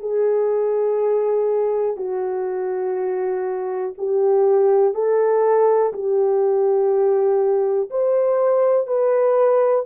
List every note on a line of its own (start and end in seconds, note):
0.00 1.97 G#4
1.97 3.93 F#4
3.98 4.94 G4
4.94 5.92 A4
5.93 7.90 G4
7.90 8.87 C5
8.87 9.85 B4